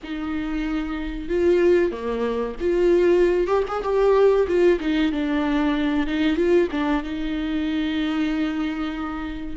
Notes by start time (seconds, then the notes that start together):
0.03 D#4
1.29 F4
1.91 A#3
2.60 F4
3.47 G4
3.68 G#4
3.83 G4
4.47 F4
4.80 D#4
5.12 D4
6.06 D#4
6.36 F4
6.71 D4
7.03 D#4